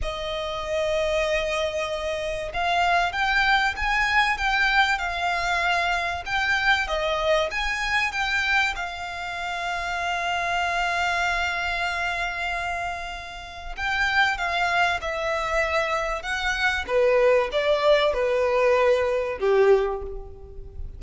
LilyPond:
\new Staff \with { instrumentName = "violin" } { \time 4/4 \tempo 4 = 96 dis''1 | f''4 g''4 gis''4 g''4 | f''2 g''4 dis''4 | gis''4 g''4 f''2~ |
f''1~ | f''2 g''4 f''4 | e''2 fis''4 b'4 | d''4 b'2 g'4 | }